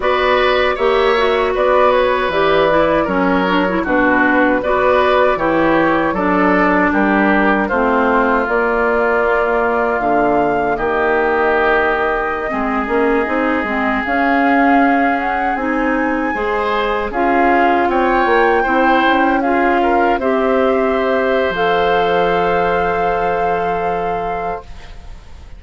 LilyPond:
<<
  \new Staff \with { instrumentName = "flute" } { \time 4/4 \tempo 4 = 78 d''4 e''4 d''8 cis''8 d''4 | cis''4 b'4 d''4 cis''4 | d''4 ais'4 c''4 d''4~ | d''4 f''4 dis''2~ |
dis''2~ dis''16 f''4. fis''16~ | fis''16 gis''2 f''4 g''8.~ | g''4~ g''16 f''4 e''4.~ e''16 | f''1 | }
  \new Staff \with { instrumentName = "oboe" } { \time 4/4 b'4 cis''4 b'2 | ais'4 fis'4 b'4 g'4 | a'4 g'4 f'2~ | f'2 g'2~ |
g'16 gis'2.~ gis'8.~ | gis'4~ gis'16 c''4 gis'4 cis''8.~ | cis''16 c''4 gis'8 ais'8 c''4.~ c''16~ | c''1 | }
  \new Staff \with { instrumentName = "clarinet" } { \time 4/4 fis'4 g'8 fis'4. g'8 e'8 | cis'8 d'16 e'16 d'4 fis'4 e'4 | d'2 c'4 ais4~ | ais1~ |
ais16 c'8 cis'8 dis'8 c'8 cis'4.~ cis'16~ | cis'16 dis'4 gis'4 f'4.~ f'16~ | f'16 e'4 f'4 g'4.~ g'16 | a'1 | }
  \new Staff \with { instrumentName = "bassoon" } { \time 4/4 b4 ais4 b4 e4 | fis4 b,4 b4 e4 | fis4 g4 a4 ais4~ | ais4 d4 dis2~ |
dis16 gis8 ais8 c'8 gis8 cis'4.~ cis'16~ | cis'16 c'4 gis4 cis'4 c'8 ais16~ | ais16 c'8 cis'4. c'4.~ c'16 | f1 | }
>>